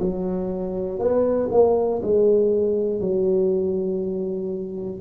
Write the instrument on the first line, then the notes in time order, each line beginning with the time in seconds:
tuba
0.00 F#3
0.99 B3
1.51 A#3
2.02 G#3
3.00 F#3